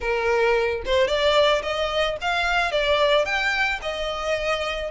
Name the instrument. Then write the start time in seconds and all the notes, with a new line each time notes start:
violin
0.00 A#4
0.85 C5
1.07 D5
1.62 D#5
2.21 F5
2.71 D5
3.25 G5
3.82 D#5